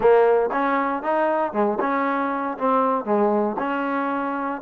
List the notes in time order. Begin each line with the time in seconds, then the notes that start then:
0.00 A#3
0.52 C#4
1.02 D#4
1.52 G#3
1.80 C#4
2.58 C4
3.05 G#3
3.59 C#4